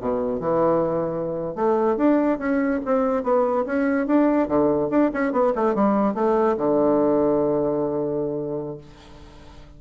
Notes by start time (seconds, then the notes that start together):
0.00 B2
0.39 E3
1.55 A3
1.96 D4
2.38 C#4
2.85 C4
3.23 B3
3.66 C#4
4.06 D4
4.48 D3
4.90 D4
5.13 C#4
5.32 B3
5.55 A3
5.74 G3
6.14 A3
6.57 D3